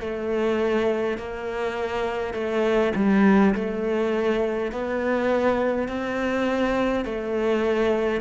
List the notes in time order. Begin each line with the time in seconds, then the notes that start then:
0.00 A3
1.18 A#3
2.34 A3
2.95 G3
3.55 A3
4.71 B3
5.88 C4
7.05 A3